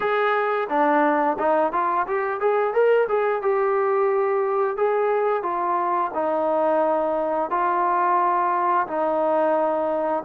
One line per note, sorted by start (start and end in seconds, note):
0.00 0.68 G#4
0.69 1.37 D4
1.39 1.72 D#4
1.72 2.06 F4
2.07 2.40 G4
2.40 2.73 G#4
2.73 3.07 A#4
3.08 3.42 G#4
3.42 4.76 G4
4.76 5.42 G#4
5.42 6.11 F4
6.14 7.50 D#4
7.50 8.86 F4
8.87 10.23 D#4